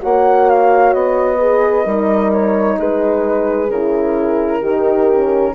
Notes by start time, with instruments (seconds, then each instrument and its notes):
0.00 bassoon A#3, horn F#4 C#5, flute F#5
0.49 flute F5
0.94 bassoon B3, flute D#5
1.39 horn G#4 B4
1.85 bassoon G3, horn D#4 A#4
2.32 flute C#5
2.79 bassoon G#3, horn G#4, flute B4
3.69 bassoon C#3, horn E4, flute A#4
4.61 bassoon D#3, horn D#4 G4
5.10 horn C#4